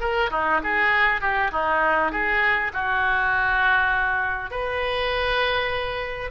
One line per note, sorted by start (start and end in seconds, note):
0.00 0.30 A#4
0.31 0.61 D#4
0.64 1.21 G#4
1.21 1.51 G4
1.52 2.12 D#4
2.12 2.72 G#4
2.73 4.51 F#4
4.51 6.31 B4